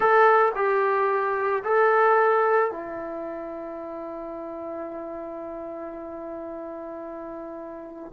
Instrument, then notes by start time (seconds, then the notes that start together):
trombone
0.00 A4
0.55 G4
1.64 A4
2.71 E4